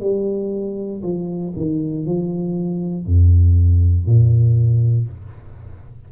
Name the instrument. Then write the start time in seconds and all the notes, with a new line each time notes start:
tuba
0.00 G3
1.03 F3
1.56 D#3
2.06 F3
3.06 F2
4.06 A#2